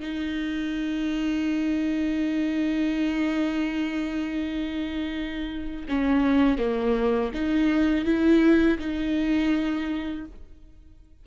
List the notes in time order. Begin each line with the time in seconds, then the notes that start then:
0.00 D#4
5.88 C#4
6.58 A#3
7.34 D#4
8.05 E4
8.79 D#4